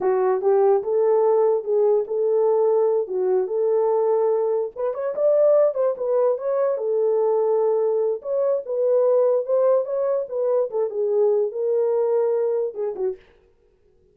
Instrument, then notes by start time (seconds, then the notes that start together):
horn
0.00 F#4
0.41 G4
0.83 A4
1.63 G#4
2.07 A4
3.07 F#4
3.47 A4
4.75 B4
4.94 C#5
5.15 D5
5.74 C5
5.97 B4
6.37 C#5
6.77 A4
8.22 C#5
8.65 B4
9.45 C5
9.85 C#5
10.29 B4
10.70 A4
10.90 G#4
11.51 A#4
12.74 G#4
12.95 F#4